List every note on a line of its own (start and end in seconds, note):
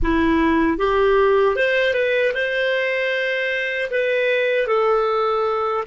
0.02 0.78 E4
0.78 1.55 G4
1.55 1.93 C5
1.93 2.32 B4
2.34 3.90 C5
3.90 4.67 B4
4.67 5.84 A4